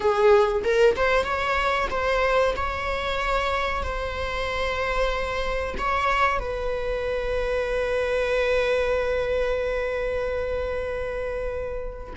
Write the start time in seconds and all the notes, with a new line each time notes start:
0.00 G#4
0.64 A#4
0.96 C5
1.24 C#5
1.90 C5
2.56 C#5
3.83 C5
5.78 C#5
6.39 B4